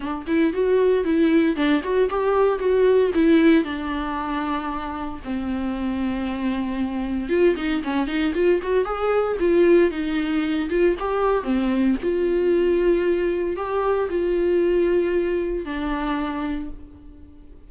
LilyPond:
\new Staff \with { instrumentName = "viola" } { \time 4/4 \tempo 4 = 115 d'8 e'8 fis'4 e'4 d'8 fis'8 | g'4 fis'4 e'4 d'4~ | d'2 c'2~ | c'2 f'8 dis'8 cis'8 dis'8 |
f'8 fis'8 gis'4 f'4 dis'4~ | dis'8 f'8 g'4 c'4 f'4~ | f'2 g'4 f'4~ | f'2 d'2 | }